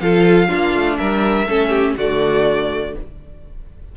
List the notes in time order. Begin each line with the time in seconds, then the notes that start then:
0.00 F3 F4 A4 F5
0.48 A#3 D4 F4
0.74 A3
0.97 G3 A#4 E5
1.46 A3 C#4 A4
1.69 G4
1.97 D3 A3 F#4 D5